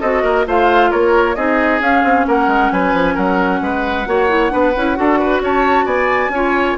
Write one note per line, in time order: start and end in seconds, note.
0.00 0.23 C4
0.00 0.45 F#4
0.00 0.22 A4
0.00 0.45 D#5
0.22 0.45 A#3
0.22 0.45 A#4
0.45 0.91 A3
0.45 1.35 F4
0.45 0.90 C5
0.45 0.91 F5
0.90 1.36 A#3
0.90 1.35 A#4
0.90 1.35 C#5
1.35 1.80 C4
1.35 1.80 D#4
1.35 2.26 G#4
1.35 1.80 D#5
1.80 2.02 C#4
1.80 4.06 C#4
1.80 2.26 F5
2.03 2.25 C4
2.27 2.47 A#3
2.27 2.72 A#4
2.27 2.71 F#5
2.47 2.69 G#3
2.71 2.93 F#3
2.71 3.14 B4
2.71 3.16 G#5
2.93 3.15 F3
3.14 3.61 F#3
3.14 3.59 A#4
3.14 5.42 F#5
3.61 4.06 G#3
3.61 4.08 B4
4.06 4.51 A#3
4.06 4.29 F#4
4.06 4.52 C#5
4.29 4.50 E4
4.50 4.75 B3
4.50 4.72 D4
4.50 4.97 B4
4.76 4.98 C#4
4.76 4.95 E4
4.95 5.40 D4
4.95 6.31 F#4
4.95 5.19 A4
5.19 5.41 B4
5.40 5.85 C#4
5.40 5.85 C#5
5.40 5.86 A5
5.85 6.29 B3
5.85 6.30 D5
5.85 6.76 G#5
6.29 6.74 C#4
6.29 6.77 F4
6.29 6.77 C#5